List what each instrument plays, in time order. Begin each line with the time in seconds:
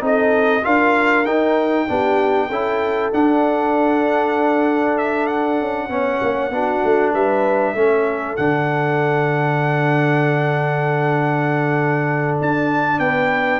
0.00 tuba C4, trombone D#4, horn A4, trumpet D#5
0.63 tuba D4, trombone F4, horn A#4, trumpet F5
1.25 tuba D#4, trombone D#4, trumpet G5
1.88 tuba B3, trombone D4, horn G4
2.48 tuba C#4, trombone E4, horn A4
3.12 trombone D4, tuba D4, trumpet F#5
4.97 trumpet E5
5.27 trumpet F#5
5.60 tuba C#4
5.89 tuba B3, trombone C#4, horn C#5
6.22 tuba A#3
6.50 tuba B3, trombone D4, horn F#4
6.83 tuba A3
7.13 tuba G3, horn B4, trumpet E5
7.74 tuba A3, trombone C#4, horn A4
8.36 tuba D3, trombone D4, trumpet F#5
12.41 tuba D4, trumpet A5
12.99 tuba B3, horn B4, trumpet G5